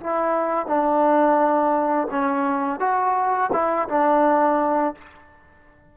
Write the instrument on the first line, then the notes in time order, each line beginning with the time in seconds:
trombone
0.00 E4
0.66 D4
2.10 C#4
2.80 F#4
3.53 E4
3.89 D4